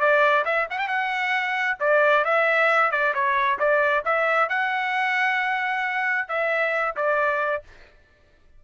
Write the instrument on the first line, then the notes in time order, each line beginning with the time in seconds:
trumpet
0.00 D5
0.45 E5
0.70 F#5
0.79 G5
0.88 F#5
1.80 D5
2.25 E5
2.92 D5
3.14 C#5
3.59 D5
4.05 E5
4.49 F#5
6.28 E5
6.96 D5